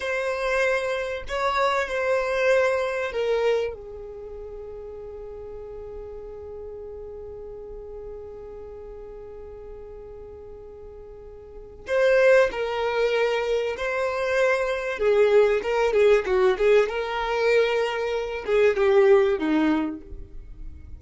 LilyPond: \new Staff \with { instrumentName = "violin" } { \time 4/4 \tempo 4 = 96 c''2 cis''4 c''4~ | c''4 ais'4 gis'2~ | gis'1~ | gis'1~ |
gis'2. c''4 | ais'2 c''2 | gis'4 ais'8 gis'8 fis'8 gis'8 ais'4~ | ais'4. gis'8 g'4 dis'4 | }